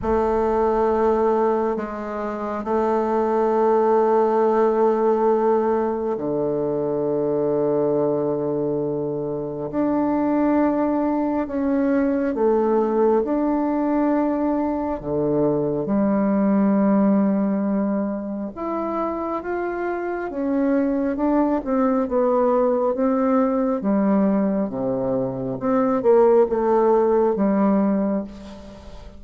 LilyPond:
\new Staff \with { instrumentName = "bassoon" } { \time 4/4 \tempo 4 = 68 a2 gis4 a4~ | a2. d4~ | d2. d'4~ | d'4 cis'4 a4 d'4~ |
d'4 d4 g2~ | g4 e'4 f'4 cis'4 | d'8 c'8 b4 c'4 g4 | c4 c'8 ais8 a4 g4 | }